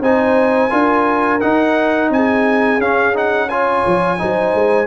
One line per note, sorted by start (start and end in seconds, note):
0.00 0.70 C4
0.00 0.70 D#4
0.00 0.71 C5
0.00 1.40 G#5
0.70 1.42 D4
0.70 1.40 F4
0.70 2.11 A#4
1.40 2.80 D#4
1.40 2.10 D#4
1.40 2.10 F#5
2.10 2.78 C4
2.10 3.48 G#4
2.10 2.80 G#5
2.78 3.83 C#4
2.78 3.14 C#4
2.78 3.15 F5
3.14 3.48 D#4
3.14 3.49 F#5
3.48 4.18 F4
3.48 4.17 C#5
3.48 4.86 G#5
3.86 4.21 F3
4.18 4.54 F#3
4.18 4.86 D#4
4.18 4.86 C5
4.54 4.86 G#3